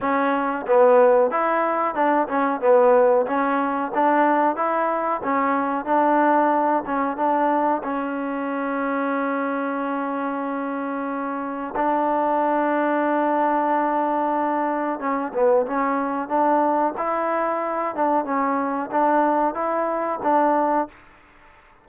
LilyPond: \new Staff \with { instrumentName = "trombone" } { \time 4/4 \tempo 4 = 92 cis'4 b4 e'4 d'8 cis'8 | b4 cis'4 d'4 e'4 | cis'4 d'4. cis'8 d'4 | cis'1~ |
cis'2 d'2~ | d'2. cis'8 b8 | cis'4 d'4 e'4. d'8 | cis'4 d'4 e'4 d'4 | }